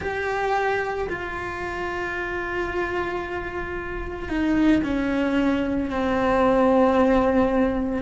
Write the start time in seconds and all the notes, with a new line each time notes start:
0.00 G4
1.09 F4
4.28 D#4
4.83 C#4
5.90 C4